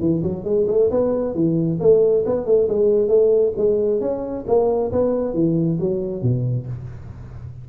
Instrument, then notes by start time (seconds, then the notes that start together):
tuba
0.00 E3
0.22 F#3
0.44 G#3
0.67 A3
0.91 B3
1.35 E3
1.80 A3
2.26 B3
2.46 A3
2.68 G#3
3.08 A3
3.57 G#3
4.00 C#4
4.47 A#3
4.92 B3
5.34 E3
5.80 F#3
6.22 B2